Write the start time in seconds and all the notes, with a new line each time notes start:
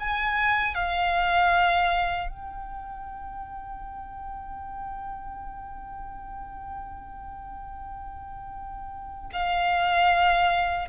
0.00 G#5
0.75 F5
2.30 G5
9.33 F5